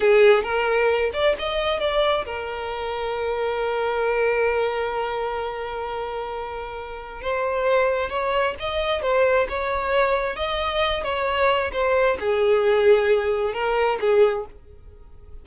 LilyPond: \new Staff \with { instrumentName = "violin" } { \time 4/4 \tempo 4 = 133 gis'4 ais'4. d''8 dis''4 | d''4 ais'2.~ | ais'1~ | ais'1 |
c''2 cis''4 dis''4 | c''4 cis''2 dis''4~ | dis''8 cis''4. c''4 gis'4~ | gis'2 ais'4 gis'4 | }